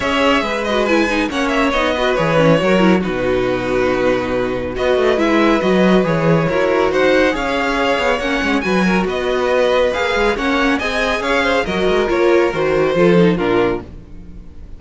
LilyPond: <<
  \new Staff \with { instrumentName = "violin" } { \time 4/4 \tempo 4 = 139 e''4. dis''8 gis''4 fis''8 e''8 | dis''4 cis''2 b'4~ | b'2. dis''4 | e''4 dis''4 cis''2 |
fis''4 f''2 fis''4 | gis''4 dis''2 f''4 | fis''4 gis''4 f''4 dis''4 | cis''4 c''2 ais'4 | }
  \new Staff \with { instrumentName = "violin" } { \time 4/4 cis''4 b'2 cis''4~ | cis''8 b'4. ais'4 fis'4~ | fis'2. b'4~ | b'2. ais'4 |
c''4 cis''2. | b'8 ais'8 b'2. | cis''4 dis''4 cis''8 c''8 ais'4~ | ais'2 a'4 f'4 | }
  \new Staff \with { instrumentName = "viola" } { \time 4/4 gis'4. fis'8 e'8 dis'8 cis'4 | dis'8 fis'8 gis'8 cis'8 fis'8 e'8 dis'4~ | dis'2. fis'4 | e'4 fis'4 gis'4 fis'4~ |
fis'4 gis'2 cis'4 | fis'2. gis'4 | cis'4 gis'2 fis'4 | f'4 fis'4 f'8 dis'8 d'4 | }
  \new Staff \with { instrumentName = "cello" } { \time 4/4 cis'4 gis2 ais4 | b4 e4 fis4 b,4~ | b,2. b8 a8 | gis4 fis4 e4 e'4 |
dis'4 cis'4. b8 ais8 gis8 | fis4 b2 ais8 gis8 | ais4 c'4 cis'4 fis8 gis8 | ais4 dis4 f4 ais,4 | }
>>